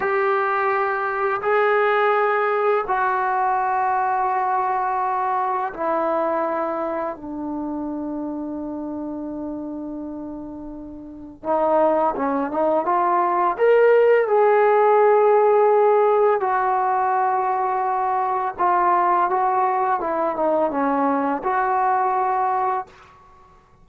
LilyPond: \new Staff \with { instrumentName = "trombone" } { \time 4/4 \tempo 4 = 84 g'2 gis'2 | fis'1 | e'2 d'2~ | d'1 |
dis'4 cis'8 dis'8 f'4 ais'4 | gis'2. fis'4~ | fis'2 f'4 fis'4 | e'8 dis'8 cis'4 fis'2 | }